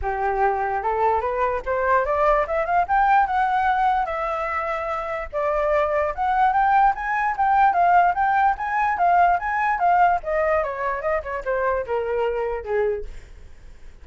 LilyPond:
\new Staff \with { instrumentName = "flute" } { \time 4/4 \tempo 4 = 147 g'2 a'4 b'4 | c''4 d''4 e''8 f''8 g''4 | fis''2 e''2~ | e''4 d''2 fis''4 |
g''4 gis''4 g''4 f''4 | g''4 gis''4 f''4 gis''4 | f''4 dis''4 cis''4 dis''8 cis''8 | c''4 ais'2 gis'4 | }